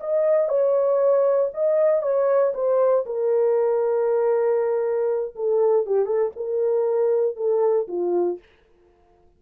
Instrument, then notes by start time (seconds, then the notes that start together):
horn
0.00 D#5
0.48 C#5
1.53 D#5
2.02 C#5
2.54 C5
3.06 A#4
5.35 A4
5.86 G4
6.06 A4
6.36 A#4
7.36 A4
7.88 F4